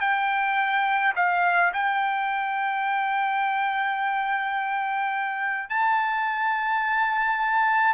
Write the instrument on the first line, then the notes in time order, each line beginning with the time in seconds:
trumpet
0.00 G5
1.15 F5
1.73 G5
5.69 A5